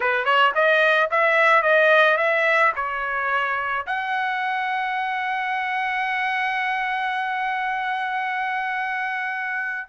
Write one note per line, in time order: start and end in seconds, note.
0.00 0.24 B4
0.24 0.52 C#5
0.54 1.09 D#5
1.10 1.62 E5
1.62 2.17 D#5
2.17 2.72 E5
2.75 3.85 C#5
3.86 9.88 F#5